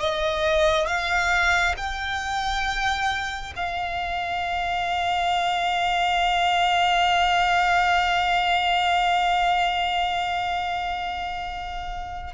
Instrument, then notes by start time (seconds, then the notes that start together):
violin
0.00 D#5
0.87 F5
1.77 G5
3.56 F5